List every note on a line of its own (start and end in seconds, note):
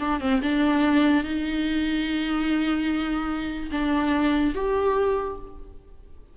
0.00 0.21 D4
0.21 0.41 C4
0.43 1.24 D4
1.24 3.71 D#4
3.72 4.54 D4
4.55 5.37 G4